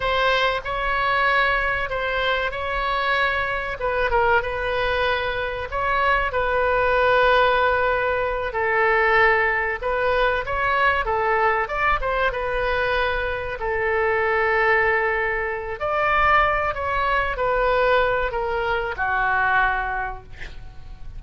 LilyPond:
\new Staff \with { instrumentName = "oboe" } { \time 4/4 \tempo 4 = 95 c''4 cis''2 c''4 | cis''2 b'8 ais'8 b'4~ | b'4 cis''4 b'2~ | b'4. a'2 b'8~ |
b'8 cis''4 a'4 d''8 c''8 b'8~ | b'4. a'2~ a'8~ | a'4 d''4. cis''4 b'8~ | b'4 ais'4 fis'2 | }